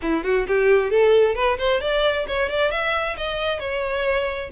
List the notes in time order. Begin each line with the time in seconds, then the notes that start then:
0.02 E4
0.23 F#4
0.47 G4
0.90 A4
1.35 B4
1.58 C5
1.80 D5
2.27 C#5
2.49 D5
2.71 E5
3.17 D#5
3.59 C#5